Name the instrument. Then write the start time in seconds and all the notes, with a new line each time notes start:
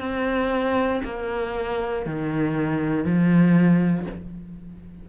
cello
0.00 C4
1.04 A#3
2.06 D#3
3.05 F3